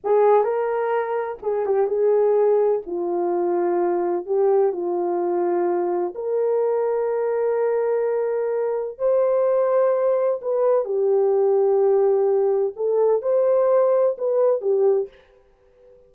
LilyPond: \new Staff \with { instrumentName = "horn" } { \time 4/4 \tempo 4 = 127 gis'4 ais'2 gis'8 g'8 | gis'2 f'2~ | f'4 g'4 f'2~ | f'4 ais'2.~ |
ais'2. c''4~ | c''2 b'4 g'4~ | g'2. a'4 | c''2 b'4 g'4 | }